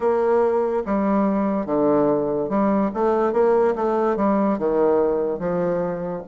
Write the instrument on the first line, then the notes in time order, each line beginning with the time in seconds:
bassoon
0.00 A#3
0.85 G3
1.66 D3
2.48 G3
2.94 A3
3.33 A#3
3.75 A3
4.16 G3
4.58 D#3
5.39 F3